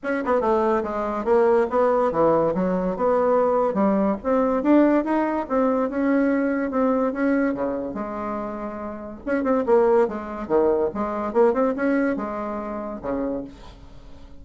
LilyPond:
\new Staff \with { instrumentName = "bassoon" } { \time 4/4 \tempo 4 = 143 cis'8 b8 a4 gis4 ais4 | b4 e4 fis4 b4~ | b4 g4 c'4 d'4 | dis'4 c'4 cis'2 |
c'4 cis'4 cis4 gis4~ | gis2 cis'8 c'8 ais4 | gis4 dis4 gis4 ais8 c'8 | cis'4 gis2 cis4 | }